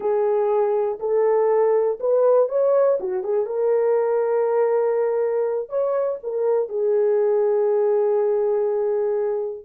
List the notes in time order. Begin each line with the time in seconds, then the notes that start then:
0.00 G#4
0.99 A4
2.00 B4
2.49 C#5
3.00 F#4
3.23 G#4
3.46 A#4
5.69 C#5
6.23 A#4
6.69 G#4